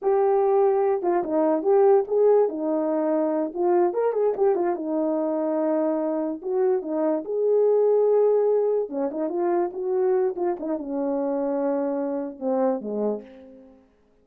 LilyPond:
\new Staff \with { instrumentName = "horn" } { \time 4/4 \tempo 4 = 145 g'2~ g'8 f'8 dis'4 | g'4 gis'4 dis'2~ | dis'8 f'4 ais'8 gis'8 g'8 f'8 dis'8~ | dis'2.~ dis'8 fis'8~ |
fis'8 dis'4 gis'2~ gis'8~ | gis'4. cis'8 dis'8 f'4 fis'8~ | fis'4 f'8 dis'8 cis'2~ | cis'2 c'4 gis4 | }